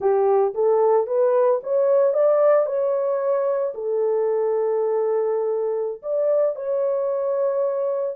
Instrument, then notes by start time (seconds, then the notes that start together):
horn
0.00 G4
0.54 A4
1.07 B4
1.63 C#5
2.13 D5
2.65 C#5
3.74 A4
6.02 D5
6.55 C#5